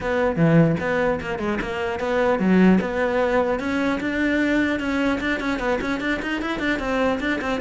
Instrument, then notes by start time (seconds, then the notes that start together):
cello
0.01 B3
0.36 E3
0.80 B3
1.21 A#3
1.38 G#3
1.61 A#3
1.99 B3
2.39 F#3
2.81 B3
3.59 C#4
4.00 D4
4.79 C#4
5.20 D4
5.40 C#4
5.59 B3
5.81 C#4
6.00 D4
6.22 D#4
6.41 E4
6.59 D4
6.79 C4
7.20 D4
7.41 C4